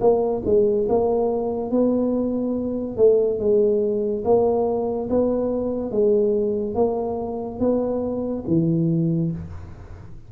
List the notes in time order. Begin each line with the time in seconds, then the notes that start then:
0.00 A#3
0.45 G#3
0.89 A#3
1.71 B3
2.97 A3
3.39 G#3
4.24 A#3
5.09 B3
5.91 G#3
6.75 A#3
7.59 B3
8.47 E3